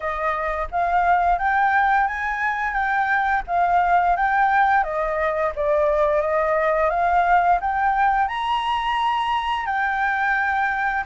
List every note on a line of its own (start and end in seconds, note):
0.00 0.68 D#5
0.71 1.38 F5
1.38 2.07 G5
2.07 2.73 G#5
2.73 3.42 G5
3.47 4.16 F5
4.16 4.83 G5
4.83 5.52 D#5
5.55 6.21 D5
6.21 6.90 D#5
6.90 7.59 F5
7.60 8.28 G5
8.28 9.66 A#5
9.66 11.03 G5